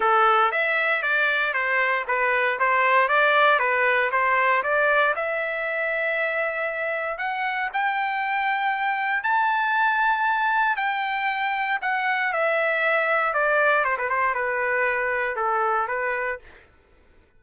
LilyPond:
\new Staff \with { instrumentName = "trumpet" } { \time 4/4 \tempo 4 = 117 a'4 e''4 d''4 c''4 | b'4 c''4 d''4 b'4 | c''4 d''4 e''2~ | e''2 fis''4 g''4~ |
g''2 a''2~ | a''4 g''2 fis''4 | e''2 d''4 c''16 b'16 c''8 | b'2 a'4 b'4 | }